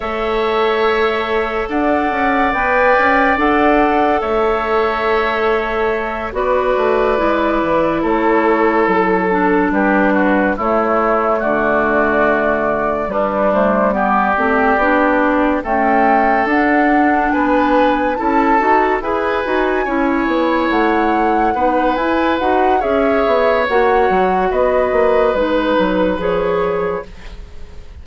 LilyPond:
<<
  \new Staff \with { instrumentName = "flute" } { \time 4/4 \tempo 4 = 71 e''2 fis''4 g''4 | fis''4 e''2~ e''8 d''8~ | d''4. cis''4 a'4 b'8~ | b'8 cis''4 d''2 b'8 |
c''8 d''2 g''4 fis''8~ | fis''8 gis''4 a''4 gis''4.~ | gis''8 fis''4. gis''8 fis''8 e''4 | fis''4 dis''4 b'4 cis''4 | }
  \new Staff \with { instrumentName = "oboe" } { \time 4/4 cis''2 d''2~ | d''4 cis''2~ cis''8 b'8~ | b'4. a'2 g'8 | fis'8 e'4 fis'2 d'8~ |
d'8 g'2 a'4.~ | a'8 b'4 a'4 b'4 cis''8~ | cis''4. b'4. cis''4~ | cis''4 b'2. | }
  \new Staff \with { instrumentName = "clarinet" } { \time 4/4 a'2. b'4 | a'2.~ a'8 fis'8~ | fis'8 e'2~ e'8 d'4~ | d'8 a2. g8 |
a8 b8 c'8 d'4 a4 d'8~ | d'4. e'8 fis'8 gis'8 fis'8 e'8~ | e'4. dis'8 e'8 fis'8 gis'4 | fis'2 dis'4 gis'4 | }
  \new Staff \with { instrumentName = "bassoon" } { \time 4/4 a2 d'8 cis'8 b8 cis'8 | d'4 a2~ a8 b8 | a8 gis8 e8 a4 fis4 g8~ | g8 a4 d2 g8~ |
g4 a8 b4 cis'4 d'8~ | d'8 b4 cis'8 dis'8 e'8 dis'8 cis'8 | b8 a4 b8 e'8 dis'8 cis'8 b8 | ais8 fis8 b8 ais8 gis8 fis8 f4 | }
>>